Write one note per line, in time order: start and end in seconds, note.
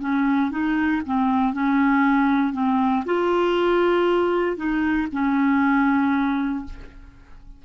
0.00 0.51 C#4
0.51 1.02 D#4
1.06 1.53 C4
1.53 2.53 C#4
2.53 3.04 C4
3.06 4.56 F4
4.56 5.07 D#4
5.12 6.64 C#4